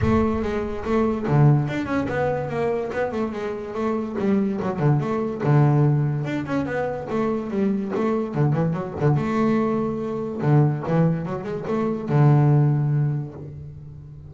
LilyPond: \new Staff \with { instrumentName = "double bass" } { \time 4/4 \tempo 4 = 144 a4 gis4 a4 d4 | d'8 cis'8 b4 ais4 b8 a8 | gis4 a4 g4 fis8 d8 | a4 d2 d'8 cis'8 |
b4 a4 g4 a4 | d8 e8 fis8 d8 a2~ | a4 d4 e4 fis8 gis8 | a4 d2. | }